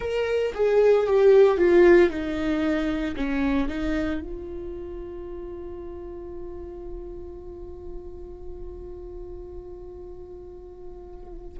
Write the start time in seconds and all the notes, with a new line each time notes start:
0.00 A#4
0.54 G#4
1.07 G4
1.57 F4
2.10 D#4
3.16 C#4
3.68 D#4
4.21 F4